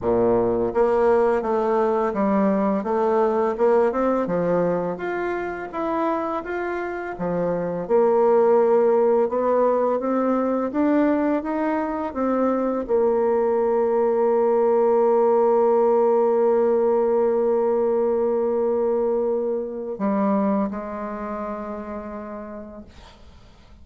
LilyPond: \new Staff \with { instrumentName = "bassoon" } { \time 4/4 \tempo 4 = 84 ais,4 ais4 a4 g4 | a4 ais8 c'8 f4 f'4 | e'4 f'4 f4 ais4~ | ais4 b4 c'4 d'4 |
dis'4 c'4 ais2~ | ais1~ | ais1 | g4 gis2. | }